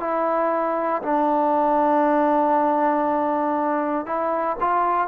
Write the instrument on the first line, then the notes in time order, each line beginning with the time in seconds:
trombone
0.00 E4
1.02 D4
4.06 E4
4.60 F4